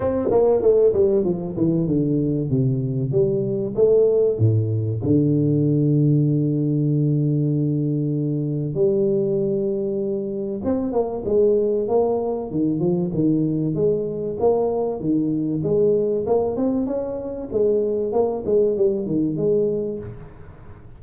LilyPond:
\new Staff \with { instrumentName = "tuba" } { \time 4/4 \tempo 4 = 96 c'8 ais8 a8 g8 f8 e8 d4 | c4 g4 a4 a,4 | d1~ | d2 g2~ |
g4 c'8 ais8 gis4 ais4 | dis8 f8 dis4 gis4 ais4 | dis4 gis4 ais8 c'8 cis'4 | gis4 ais8 gis8 g8 dis8 gis4 | }